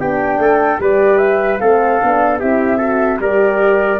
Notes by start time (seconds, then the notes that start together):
0.00 B3 D4 G4 G5
0.39 A3 A4
0.80 G3 G4 B4 D5
1.18 E5
1.59 A3 C4 A4 F5
2.01 B3 D4
2.40 C4 E4 G4 E5
2.77 F#4 A4
3.19 G3 G4 A#4 D5